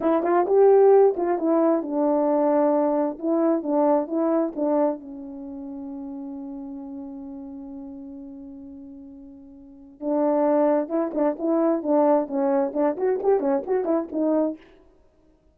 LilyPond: \new Staff \with { instrumentName = "horn" } { \time 4/4 \tempo 4 = 132 e'8 f'8 g'4. f'8 e'4 | d'2. e'4 | d'4 e'4 d'4 cis'4~ | cis'1~ |
cis'1~ | cis'2 d'2 | e'8 d'8 e'4 d'4 cis'4 | d'8 fis'8 g'8 cis'8 fis'8 e'8 dis'4 | }